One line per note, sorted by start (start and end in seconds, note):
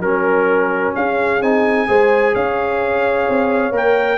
0.00 0.93 F#3
0.00 1.41 C#4
0.00 0.94 A#4
0.95 1.41 C#4
0.95 1.87 G#4
0.95 1.42 F5
1.41 1.87 C4
1.41 1.87 D#4
1.41 2.35 G#5
1.87 2.34 G#3
1.87 3.72 G#4
1.87 2.34 C5
2.34 3.28 C#4
2.34 4.18 C#5
2.34 3.74 F5
3.28 3.71 C4
3.71 4.18 A#3
3.71 4.18 A#4
3.71 4.18 G5